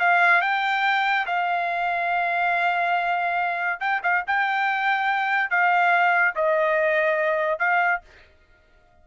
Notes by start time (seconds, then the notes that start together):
0.00 F5
0.42 G5
1.27 F5
3.81 G5
4.03 F5
4.28 G5
5.51 F5
6.36 D#5
7.59 F5